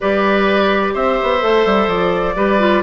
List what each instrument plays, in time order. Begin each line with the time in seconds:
0.00 bassoon G3, clarinet G4, oboe B4, flute D5
0.93 bassoon C4, oboe C5, flute E5
1.22 bassoon B3
1.40 bassoon A3, clarinet A4
1.65 bassoon G3
1.87 bassoon F3, flute D5
2.35 bassoon G3, clarinet G4, oboe B4
2.59 clarinet F4